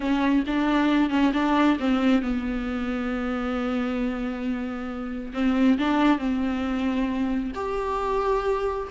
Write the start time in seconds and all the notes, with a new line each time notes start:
0.00 C#4
0.46 D4
1.09 C#4
1.33 D4
1.79 C4
2.21 B3
5.33 C4
5.78 D4
6.18 C4
7.54 G4